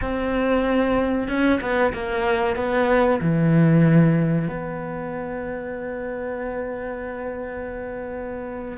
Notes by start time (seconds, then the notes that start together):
0.01 C4
1.28 C#4
1.61 B3
1.93 A#3
2.56 B3
3.21 E3
4.47 B3